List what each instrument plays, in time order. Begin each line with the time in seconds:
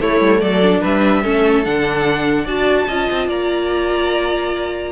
0.00 viola A3, cello A3, violin E4 C#5
0.20 cello G3
0.40 cello F#3, violin A4 D5
0.62 viola D4
0.81 cello G3, violin B4 E5
1.22 cello A3, viola C#4, violin A4
1.65 cello D3, viola D4, violin F#5
2.44 cello D4, viola F#4, violin D5 A5
2.87 cello C#4, viola F4, violin D#5
3.11 cello C4
3.28 cello A#3, violin D5 A#5